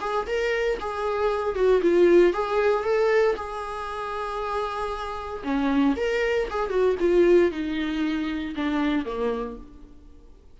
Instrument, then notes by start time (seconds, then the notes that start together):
viola
0.00 G#4
0.26 A#4
0.79 G#4
1.55 F#4
1.82 F4
2.33 G#4
2.84 A4
3.36 G#4
5.43 C#4
5.96 A#4
6.50 G#4
6.69 F#4
6.99 F4
7.51 D#4
8.55 D4
9.05 A#3